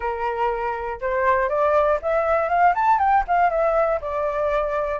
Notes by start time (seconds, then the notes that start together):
0.00 A#4
1.00 C5
1.49 D5
2.01 E5
2.48 F5
2.75 A5
2.99 G5
3.27 F5
3.50 E5
4.01 D5